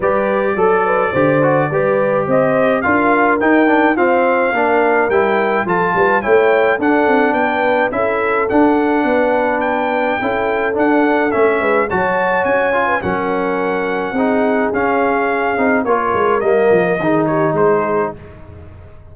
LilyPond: <<
  \new Staff \with { instrumentName = "trumpet" } { \time 4/4 \tempo 4 = 106 d''1 | dis''4 f''4 g''4 f''4~ | f''4 g''4 a''4 g''4 | fis''4 g''4 e''4 fis''4~ |
fis''4 g''2 fis''4 | e''4 a''4 gis''4 fis''4~ | fis''2 f''2 | cis''4 dis''4. cis''8 c''4 | }
  \new Staff \with { instrumentName = "horn" } { \time 4/4 b'4 a'8 b'8 c''4 b'4 | c''4 ais'2 c''4 | ais'2 a'8 b'8 cis''4 | a'4 b'4 a'2 |
b'2 a'2~ | a'8 b'8 cis''4.~ cis''16 b'16 ais'4~ | ais'4 gis'2. | ais'2 gis'8 g'8 gis'4 | }
  \new Staff \with { instrumentName = "trombone" } { \time 4/4 g'4 a'4 g'8 fis'8 g'4~ | g'4 f'4 dis'8 d'8 c'4 | d'4 e'4 f'4 e'4 | d'2 e'4 d'4~ |
d'2 e'4 d'4 | cis'4 fis'4. f'8 cis'4~ | cis'4 dis'4 cis'4. dis'8 | f'4 ais4 dis'2 | }
  \new Staff \with { instrumentName = "tuba" } { \time 4/4 g4 fis4 d4 g4 | c'4 d'4 dis'4 f'4 | ais4 g4 f8 g8 a4 | d'8 c'8 b4 cis'4 d'4 |
b2 cis'4 d'4 | a8 gis8 fis4 cis'4 fis4~ | fis4 c'4 cis'4. c'8 | ais8 gis8 g8 f8 dis4 gis4 | }
>>